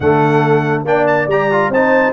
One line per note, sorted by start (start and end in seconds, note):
0.00 0.84 D3
0.00 0.86 A3
0.00 0.88 A4
0.00 0.83 F#5
0.84 1.27 A#3
0.84 1.28 D4
0.84 1.71 D5
0.84 1.06 G5
1.06 1.28 A5
1.27 1.68 G3
1.27 1.51 G4
1.27 1.72 A#5
1.51 1.73 F4
1.68 2.11 C4
1.68 2.12 D#4
1.68 2.12 C5
1.68 2.12 A5